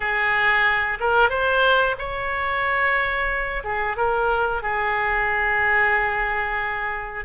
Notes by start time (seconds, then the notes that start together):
0.00 G#4
1.00 A#4
1.29 C5
1.98 C#5
3.64 G#4
3.96 A#4
4.62 G#4